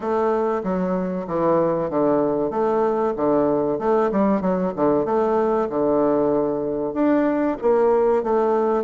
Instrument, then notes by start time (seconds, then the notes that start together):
bassoon
0.00 A3
0.63 F#3
1.27 E3
1.90 D3
2.50 A3
3.16 D3
3.78 A3
4.11 G3
4.41 F#3
4.75 D3
5.05 A3
5.69 D3
6.93 D4
7.61 A#3
8.23 A3